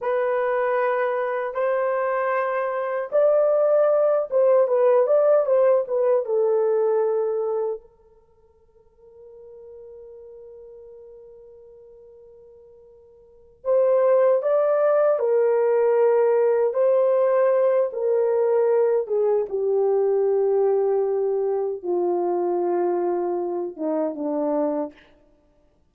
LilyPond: \new Staff \with { instrumentName = "horn" } { \time 4/4 \tempo 4 = 77 b'2 c''2 | d''4. c''8 b'8 d''8 c''8 b'8 | a'2 ais'2~ | ais'1~ |
ais'4. c''4 d''4 ais'8~ | ais'4. c''4. ais'4~ | ais'8 gis'8 g'2. | f'2~ f'8 dis'8 d'4 | }